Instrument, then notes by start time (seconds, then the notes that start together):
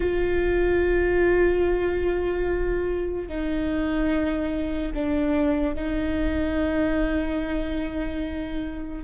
viola
0.00 F4
3.28 D#4
4.94 D4
5.75 D#4